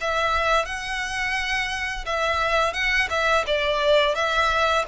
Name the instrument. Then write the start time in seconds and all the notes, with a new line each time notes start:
violin
0.00 E5
0.65 F#5
2.05 E5
2.73 F#5
3.10 E5
3.46 D5
4.15 E5